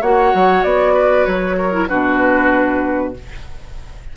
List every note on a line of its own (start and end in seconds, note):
0.00 0.32 A#3
0.00 1.72 F#4
0.00 0.93 C#5
0.00 0.63 F#5
0.34 0.64 F#3
0.63 1.26 B3
0.63 1.25 D5
0.93 1.56 B4
1.25 1.89 F#3
1.25 1.88 C#5
1.57 1.89 A#4
1.72 1.87 E4
1.88 3.16 B2
1.88 3.14 D4
1.88 3.14 F#4
1.88 3.13 B4